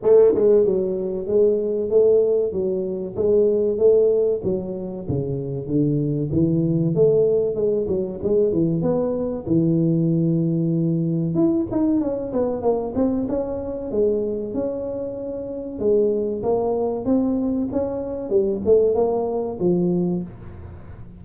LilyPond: \new Staff \with { instrumentName = "tuba" } { \time 4/4 \tempo 4 = 95 a8 gis8 fis4 gis4 a4 | fis4 gis4 a4 fis4 | cis4 d4 e4 a4 | gis8 fis8 gis8 e8 b4 e4~ |
e2 e'8 dis'8 cis'8 b8 | ais8 c'8 cis'4 gis4 cis'4~ | cis'4 gis4 ais4 c'4 | cis'4 g8 a8 ais4 f4 | }